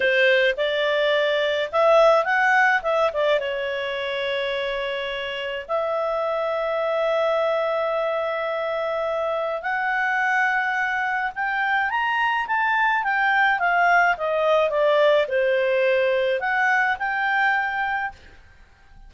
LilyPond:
\new Staff \with { instrumentName = "clarinet" } { \time 4/4 \tempo 4 = 106 c''4 d''2 e''4 | fis''4 e''8 d''8 cis''2~ | cis''2 e''2~ | e''1~ |
e''4 fis''2. | g''4 ais''4 a''4 g''4 | f''4 dis''4 d''4 c''4~ | c''4 fis''4 g''2 | }